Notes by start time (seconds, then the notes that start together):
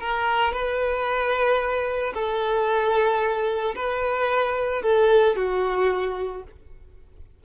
0.00 A#4
0.52 B4
2.14 A4
3.75 B4
4.82 A4
5.35 F#4